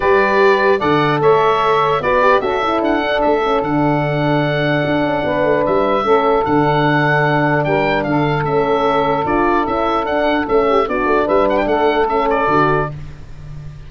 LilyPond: <<
  \new Staff \with { instrumentName = "oboe" } { \time 4/4 \tempo 4 = 149 d''2 fis''4 e''4~ | e''4 d''4 e''4 fis''4 | e''4 fis''2.~ | fis''2 e''2 |
fis''2. g''4 | f''4 e''2 d''4 | e''4 fis''4 e''4 d''4 | e''8 fis''16 g''16 fis''4 e''8 d''4. | }
  \new Staff \with { instrumentName = "saxophone" } { \time 4/4 b'2 d''4 cis''4~ | cis''4 b'4 a'2~ | a'1~ | a'4 b'2 a'4~ |
a'2. ais'4 | a'1~ | a'2~ a'8 g'8 fis'4 | b'4 a'2. | }
  \new Staff \with { instrumentName = "horn" } { \time 4/4 g'2 a'2~ | a'4 fis'8 g'8 fis'8 e'4 d'8~ | d'8 cis'8 d'2.~ | d'2. cis'4 |
d'1~ | d'4 cis'2 f'4 | e'4 d'4 cis'4 d'4~ | d'2 cis'4 fis'4 | }
  \new Staff \with { instrumentName = "tuba" } { \time 4/4 g2 d4 a4~ | a4 b4 cis'4 d'4 | a4 d2. | d'8 cis'8 b8 a8 g4 a4 |
d2. g4 | d4 a2 d'4 | cis'4 d'4 a4 b8 a8 | g4 a2 d4 | }
>>